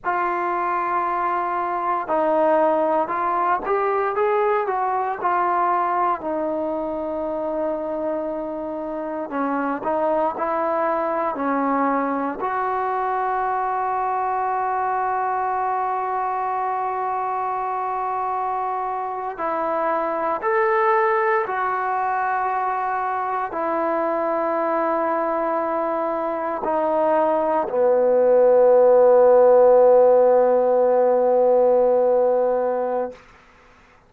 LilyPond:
\new Staff \with { instrumentName = "trombone" } { \time 4/4 \tempo 4 = 58 f'2 dis'4 f'8 g'8 | gis'8 fis'8 f'4 dis'2~ | dis'4 cis'8 dis'8 e'4 cis'4 | fis'1~ |
fis'2~ fis'8. e'4 a'16~ | a'8. fis'2 e'4~ e'16~ | e'4.~ e'16 dis'4 b4~ b16~ | b1 | }